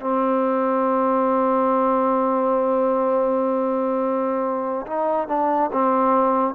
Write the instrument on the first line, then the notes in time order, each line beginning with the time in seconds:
trombone
0.00 C4
4.86 D#4
5.28 D4
5.72 C4